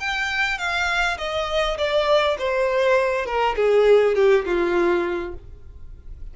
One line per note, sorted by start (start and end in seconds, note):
0.00 0.58 G5
0.58 1.18 F5
1.18 1.77 D#5
1.78 2.37 D5
2.39 3.26 C5
3.26 3.56 A#4
3.56 4.16 G#4
4.16 4.45 G4
4.46 5.35 F4